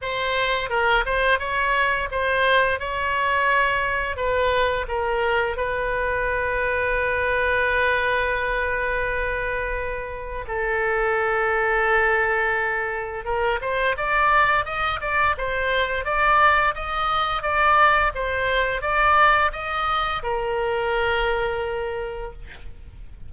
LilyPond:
\new Staff \with { instrumentName = "oboe" } { \time 4/4 \tempo 4 = 86 c''4 ais'8 c''8 cis''4 c''4 | cis''2 b'4 ais'4 | b'1~ | b'2. a'4~ |
a'2. ais'8 c''8 | d''4 dis''8 d''8 c''4 d''4 | dis''4 d''4 c''4 d''4 | dis''4 ais'2. | }